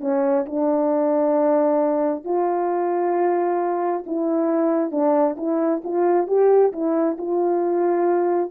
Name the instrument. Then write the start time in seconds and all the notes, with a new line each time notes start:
horn
0.00 C#4
0.45 D4
2.24 F4
4.06 E4
4.91 D4
5.37 E4
5.84 F4
6.27 G4
6.72 E4
7.18 F4